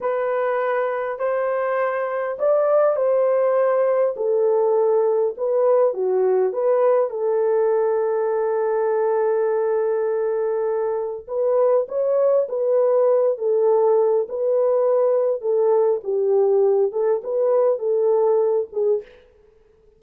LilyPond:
\new Staff \with { instrumentName = "horn" } { \time 4/4 \tempo 4 = 101 b'2 c''2 | d''4 c''2 a'4~ | a'4 b'4 fis'4 b'4 | a'1~ |
a'2. b'4 | cis''4 b'4. a'4. | b'2 a'4 g'4~ | g'8 a'8 b'4 a'4. gis'8 | }